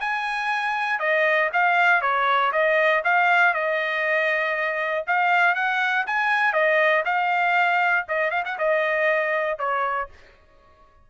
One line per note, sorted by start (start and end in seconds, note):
0.00 0.99 G#5
0.99 1.49 D#5
1.53 2.01 F5
2.01 2.51 C#5
2.52 3.03 D#5
3.04 3.54 F5
3.54 5.05 D#5
5.07 5.55 F5
5.55 6.05 F#5
6.06 6.53 G#5
6.53 7.03 D#5
7.05 8.06 F5
8.08 8.31 D#5
8.31 8.43 F5
8.45 8.58 F#5
8.58 9.58 D#5
9.58 10.09 C#5